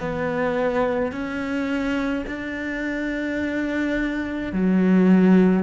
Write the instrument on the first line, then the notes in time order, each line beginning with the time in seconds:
cello
0.00 B3
1.12 C#4
2.26 D4
4.53 F#3